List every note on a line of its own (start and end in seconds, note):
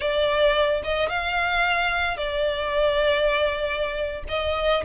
0.00 0.82 D5
0.83 1.09 D#5
1.09 2.17 F5
2.17 4.23 D5
4.28 4.83 D#5